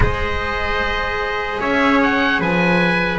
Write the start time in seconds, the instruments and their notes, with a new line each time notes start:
0.00 double bass G#3, cello G#4, trumpet C5, oboe D#5
1.60 double bass C#4, trumpet C#5, oboe E5
2.02 oboe F#5
2.39 double bass F3, trumpet B4, oboe G#5